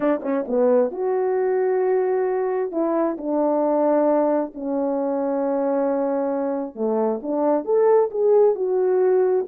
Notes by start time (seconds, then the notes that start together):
0.00 D4
0.22 C#4
0.47 B3
0.91 F#4
2.71 E4
3.17 D4
4.54 C#4
6.75 A3
7.22 D4
7.64 A4
8.10 G#4
8.55 F#4